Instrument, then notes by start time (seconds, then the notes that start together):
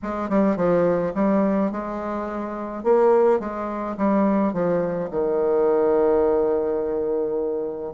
bassoon
0.02 G#3
0.29 G3
0.56 F3
1.14 G3
1.71 G#3
2.83 A#3
3.39 G#3
3.97 G3
4.53 F3
5.10 D#3